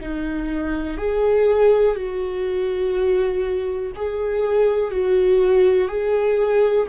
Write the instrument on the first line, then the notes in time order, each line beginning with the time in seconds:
viola
0.00 D#4
0.97 G#4
1.95 F#4
3.95 G#4
4.90 F#4
5.88 G#4